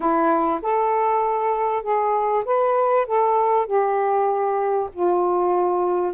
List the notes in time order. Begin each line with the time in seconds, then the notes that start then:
0.00 E4
0.62 A4
1.83 G#4
2.45 B4
3.06 A4
3.66 G4
4.93 F4